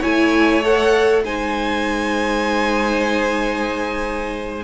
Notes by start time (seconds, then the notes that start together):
0.00 A3 E4 C#5 G#5
0.64 A4 F#5
1.25 G#3 D#4 C5 G#5